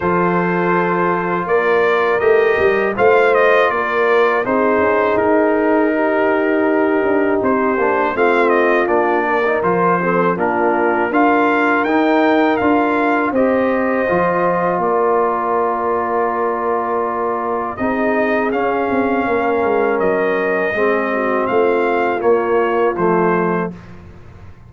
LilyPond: <<
  \new Staff \with { instrumentName = "trumpet" } { \time 4/4 \tempo 4 = 81 c''2 d''4 dis''4 | f''8 dis''8 d''4 c''4 ais'4~ | ais'2 c''4 f''8 dis''8 | d''4 c''4 ais'4 f''4 |
g''4 f''4 dis''2 | d''1 | dis''4 f''2 dis''4~ | dis''4 f''4 cis''4 c''4 | }
  \new Staff \with { instrumentName = "horn" } { \time 4/4 a'2 ais'2 | c''4 ais'4 gis'2 | g'2. f'4~ | f'8 ais'4 a'8 f'4 ais'4~ |
ais'2 c''2 | ais'1 | gis'2 ais'2 | gis'8 fis'8 f'2. | }
  \new Staff \with { instrumentName = "trombone" } { \time 4/4 f'2. g'4 | f'2 dis'2~ | dis'2~ dis'8 d'8 c'4 | d'8. dis'16 f'8 c'8 d'4 f'4 |
dis'4 f'4 g'4 f'4~ | f'1 | dis'4 cis'2. | c'2 ais4 a4 | }
  \new Staff \with { instrumentName = "tuba" } { \time 4/4 f2 ais4 a8 g8 | a4 ais4 c'8 cis'8 dis'4~ | dis'4. d'8 c'8 ais8 a4 | ais4 f4 ais4 d'4 |
dis'4 d'4 c'4 f4 | ais1 | c'4 cis'8 c'8 ais8 gis8 fis4 | gis4 a4 ais4 f4 | }
>>